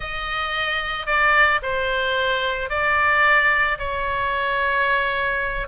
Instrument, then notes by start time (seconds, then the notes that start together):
oboe
0.00 D#5
1.06 D5
1.62 C5
2.69 D5
3.78 C#5